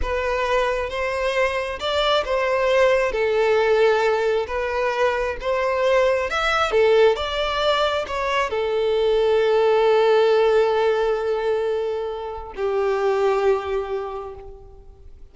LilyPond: \new Staff \with { instrumentName = "violin" } { \time 4/4 \tempo 4 = 134 b'2 c''2 | d''4 c''2 a'4~ | a'2 b'2 | c''2 e''4 a'4 |
d''2 cis''4 a'4~ | a'1~ | a'1 | g'1 | }